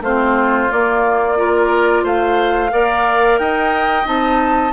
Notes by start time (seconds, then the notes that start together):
0.00 A3 C4 F4 C5
0.69 A#3 D5
1.37 F4 A#4
2.04 A3 C5 F5
2.71 A#3 A#4 D5
3.39 D#4 D#5 G5
4.04 C4 D#4 A5